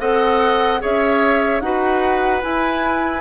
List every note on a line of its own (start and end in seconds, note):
0.00 0.81 C4
0.00 0.80 A4
0.00 0.82 D#5
0.00 0.81 F#5
0.80 1.61 C#4
0.80 1.61 G#4
0.80 1.63 C#5
0.80 1.61 E5
1.61 2.42 D#4
1.61 2.42 F#4
1.61 3.21 B4
1.61 2.42 F#5
2.42 3.21 E4
2.42 3.21 G#5